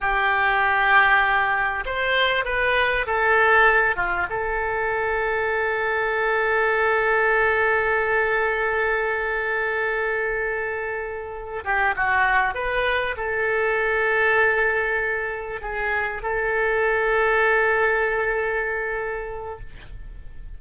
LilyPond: \new Staff \with { instrumentName = "oboe" } { \time 4/4 \tempo 4 = 98 g'2. c''4 | b'4 a'4. f'8 a'4~ | a'1~ | a'1~ |
a'2. g'8 fis'8~ | fis'8 b'4 a'2~ a'8~ | a'4. gis'4 a'4.~ | a'1 | }